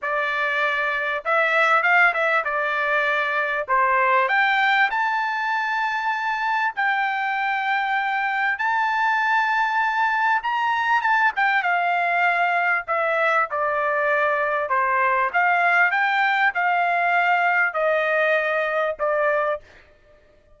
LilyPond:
\new Staff \with { instrumentName = "trumpet" } { \time 4/4 \tempo 4 = 98 d''2 e''4 f''8 e''8 | d''2 c''4 g''4 | a''2. g''4~ | g''2 a''2~ |
a''4 ais''4 a''8 g''8 f''4~ | f''4 e''4 d''2 | c''4 f''4 g''4 f''4~ | f''4 dis''2 d''4 | }